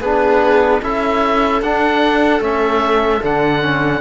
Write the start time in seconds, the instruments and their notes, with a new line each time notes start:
0.00 cello B3, trombone D4, viola G#4, oboe B4
0.82 cello C#4, trombone E4, viola A4, oboe E5
1.61 cello D4, trombone D4, oboe F#5
2.40 cello A3, trombone C#4, oboe E5
3.21 cello D3, trombone D4, oboe F#5
3.61 trombone C#4